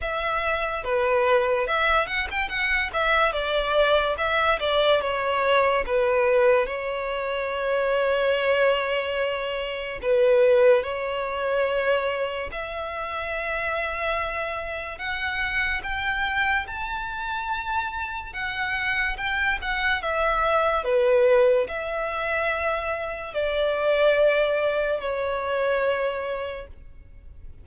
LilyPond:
\new Staff \with { instrumentName = "violin" } { \time 4/4 \tempo 4 = 72 e''4 b'4 e''8 fis''16 g''16 fis''8 e''8 | d''4 e''8 d''8 cis''4 b'4 | cis''1 | b'4 cis''2 e''4~ |
e''2 fis''4 g''4 | a''2 fis''4 g''8 fis''8 | e''4 b'4 e''2 | d''2 cis''2 | }